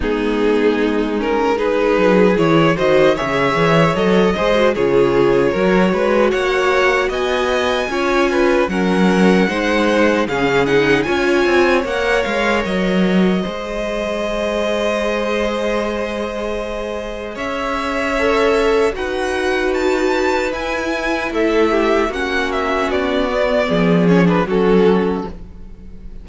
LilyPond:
<<
  \new Staff \with { instrumentName = "violin" } { \time 4/4 \tempo 4 = 76 gis'4. ais'8 b'4 cis''8 dis''8 | e''4 dis''4 cis''2 | fis''4 gis''2 fis''4~ | fis''4 f''8 fis''8 gis''4 fis''8 f''8 |
dis''1~ | dis''2 e''2 | fis''4 a''4 gis''4 e''4 | fis''8 e''8 d''4. cis''16 b'16 a'4 | }
  \new Staff \with { instrumentName = "violin" } { \time 4/4 dis'2 gis'4. c''8 | cis''4. c''8 gis'4 ais'8 b'8 | cis''4 dis''4 cis''8 b'8 ais'4 | c''4 gis'4 cis''2~ |
cis''4 c''2.~ | c''2 cis''2 | b'2. a'8 g'8 | fis'2 gis'4 fis'4 | }
  \new Staff \with { instrumentName = "viola" } { \time 4/4 b4. cis'8 dis'4 e'8 fis'8 | gis'4 a'8 gis'16 fis'16 f'4 fis'4~ | fis'2 f'4 cis'4 | dis'4 cis'8 dis'8 f'4 ais'4~ |
ais'4 gis'2.~ | gis'2. a'4 | fis'2 e'2 | cis'4. b4 cis'16 d'16 cis'4 | }
  \new Staff \with { instrumentName = "cello" } { \time 4/4 gis2~ gis8 fis8 e8 dis8 | cis8 e8 fis8 gis8 cis4 fis8 gis8 | ais4 b4 cis'4 fis4 | gis4 cis4 cis'8 c'8 ais8 gis8 |
fis4 gis2.~ | gis2 cis'2 | dis'2 e'4 a4 | ais4 b4 f4 fis4 | }
>>